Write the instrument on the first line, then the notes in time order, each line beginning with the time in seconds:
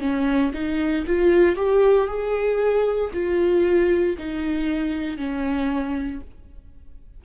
viola
0.00 C#4
0.54 D#4
1.07 F4
1.56 G4
2.07 G#4
3.13 F4
4.18 D#4
5.17 C#4